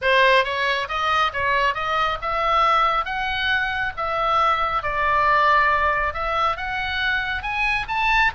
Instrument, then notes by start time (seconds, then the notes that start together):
oboe
0.01 C5
0.44 C#5
0.88 D#5
1.33 C#5
1.74 D#5
2.21 E5
3.05 F#5
3.96 E5
4.83 D5
6.13 E5
6.57 F#5
7.42 G#5
7.88 A5